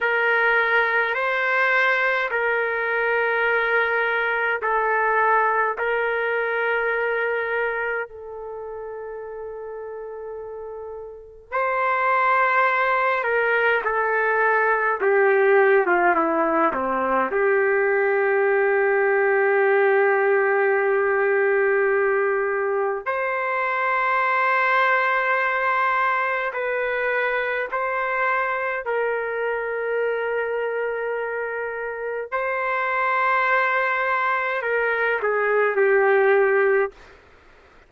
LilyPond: \new Staff \with { instrumentName = "trumpet" } { \time 4/4 \tempo 4 = 52 ais'4 c''4 ais'2 | a'4 ais'2 a'4~ | a'2 c''4. ais'8 | a'4 g'8. f'16 e'8 c'8 g'4~ |
g'1 | c''2. b'4 | c''4 ais'2. | c''2 ais'8 gis'8 g'4 | }